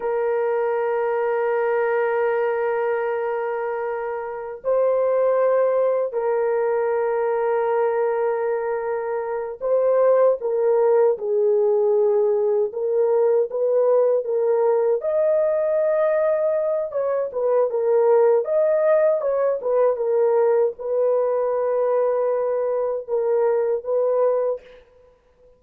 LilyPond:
\new Staff \with { instrumentName = "horn" } { \time 4/4 \tempo 4 = 78 ais'1~ | ais'2 c''2 | ais'1~ | ais'8 c''4 ais'4 gis'4.~ |
gis'8 ais'4 b'4 ais'4 dis''8~ | dis''2 cis''8 b'8 ais'4 | dis''4 cis''8 b'8 ais'4 b'4~ | b'2 ais'4 b'4 | }